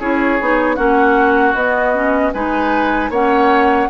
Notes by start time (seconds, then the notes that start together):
0.00 C#4 E4 G#4 C#5
0.41 B3 D#4
0.75 A#3 C#4 F#4 F#5
1.54 B3 D#5
1.94 C#4
2.33 G#3 D#4 B4 G#5
3.10 A#3 C#4 C#5 F#5